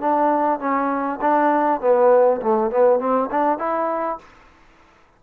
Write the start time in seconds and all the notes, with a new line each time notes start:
0.00 D4
0.59 C#4
1.21 D4
1.80 B3
2.41 A3
2.70 B3
2.99 C4
3.30 D4
3.58 E4